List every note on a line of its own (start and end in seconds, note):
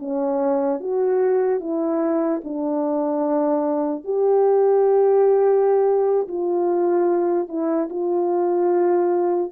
0.00 0.80 C#4
0.80 1.61 F#4
1.61 2.42 E4
2.45 4.05 D4
4.05 6.28 G4
6.28 7.49 F4
7.49 7.89 E4
7.90 9.52 F4